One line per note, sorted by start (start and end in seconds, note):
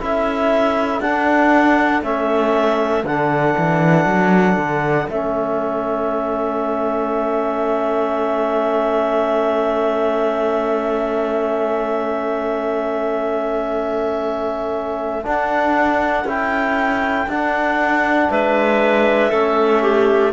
0.00 1.01 C#4
0.00 1.02 E4
0.00 18.31 A4
0.00 1.01 E5
1.01 2.02 D4
1.01 2.03 D4
1.01 2.03 F#5
2.02 3.04 A3
2.02 3.05 C#4
2.02 3.05 E5
3.04 3.55 D3
3.04 5.09 D4
3.04 5.09 F#5
3.58 4.06 E3
4.06 4.57 F#3
4.57 5.08 D3
5.09 15.26 A3
5.09 15.24 C#4
5.09 15.27 E5
15.24 16.26 D4
15.24 16.25 D4
15.24 16.29 F#5
16.25 17.27 C#4
16.25 17.29 E4
16.25 17.30 G5
17.27 18.29 D4
17.27 19.32 D4
17.27 18.31 F#5
18.31 19.32 G#3
18.31 19.31 B4
18.31 20.33 E5
19.31 20.33 A3
19.31 20.33 C#4
19.31 19.81 A4
19.82 20.33 G4